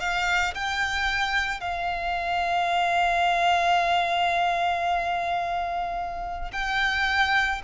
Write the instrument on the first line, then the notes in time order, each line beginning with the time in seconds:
violin
0.00 F5
0.55 G5
1.61 F5
6.53 G5